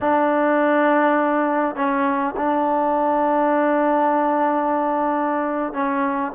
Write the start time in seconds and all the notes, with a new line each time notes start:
0.00 D4
1.75 C#4
2.36 D4
5.73 C#4